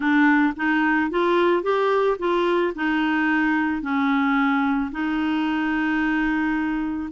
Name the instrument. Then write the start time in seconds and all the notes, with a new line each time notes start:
clarinet
0.00 D4
0.56 D#4
1.10 F4
1.62 G4
2.18 F4
2.75 D#4
3.82 C#4
4.91 D#4